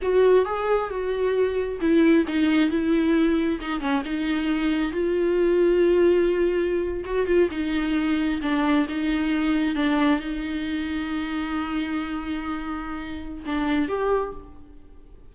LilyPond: \new Staff \with { instrumentName = "viola" } { \time 4/4 \tempo 4 = 134 fis'4 gis'4 fis'2 | e'4 dis'4 e'2 | dis'8 cis'8 dis'2 f'4~ | f'2.~ f'8. fis'16~ |
fis'16 f'8 dis'2 d'4 dis'16~ | dis'4.~ dis'16 d'4 dis'4~ dis'16~ | dis'1~ | dis'2 d'4 g'4 | }